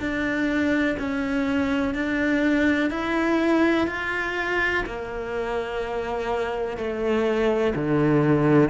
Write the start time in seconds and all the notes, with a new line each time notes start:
0.00 D4
0.99 C#4
1.95 D4
2.91 E4
3.88 F4
4.86 A#3
6.77 A3
7.75 D3